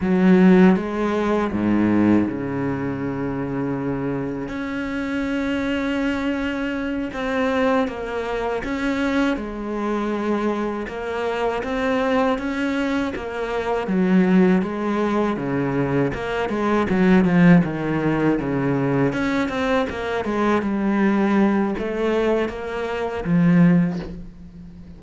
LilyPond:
\new Staff \with { instrumentName = "cello" } { \time 4/4 \tempo 4 = 80 fis4 gis4 gis,4 cis4~ | cis2 cis'2~ | cis'4. c'4 ais4 cis'8~ | cis'8 gis2 ais4 c'8~ |
c'8 cis'4 ais4 fis4 gis8~ | gis8 cis4 ais8 gis8 fis8 f8 dis8~ | dis8 cis4 cis'8 c'8 ais8 gis8 g8~ | g4 a4 ais4 f4 | }